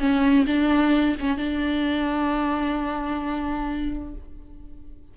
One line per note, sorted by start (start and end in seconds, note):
0.00 0.46 C#4
0.47 1.16 D4
1.21 1.38 C#4
1.38 4.15 D4